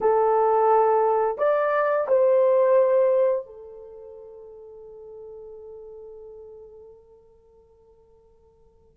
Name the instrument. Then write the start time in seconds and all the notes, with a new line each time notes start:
horn
0.01 A4
1.38 D5
2.08 C5
3.46 A4